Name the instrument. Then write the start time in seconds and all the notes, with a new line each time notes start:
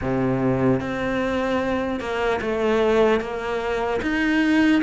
cello
0.01 C3
0.80 C4
2.00 A#3
2.41 A3
3.20 A#3
4.02 D#4